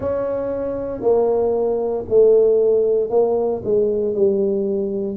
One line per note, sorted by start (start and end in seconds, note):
0.00 1.01 C#4
1.01 2.04 A#3
2.08 3.10 A3
3.10 3.62 A#3
3.64 4.14 G#3
4.14 5.17 G3